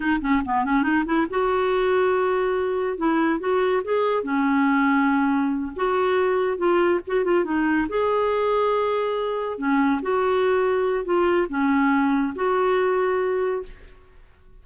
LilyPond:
\new Staff \with { instrumentName = "clarinet" } { \time 4/4 \tempo 4 = 141 dis'8 cis'8 b8 cis'8 dis'8 e'8 fis'4~ | fis'2. e'4 | fis'4 gis'4 cis'2~ | cis'4. fis'2 f'8~ |
f'8 fis'8 f'8 dis'4 gis'4.~ | gis'2~ gis'8 cis'4 fis'8~ | fis'2 f'4 cis'4~ | cis'4 fis'2. | }